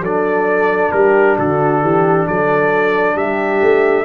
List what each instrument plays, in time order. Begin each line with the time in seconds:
0.00 tuba F#3, trombone D4, horn A4, trumpet D5
0.91 tuba G3, horn G4, trumpet A#4
1.37 tuba D3, horn F#4, trumpet A4
1.82 tuba E3, horn G4
2.27 tuba F#3, horn A4, trumpet D5
3.14 tuba G3, horn G4, trumpet E5
3.62 tuba A3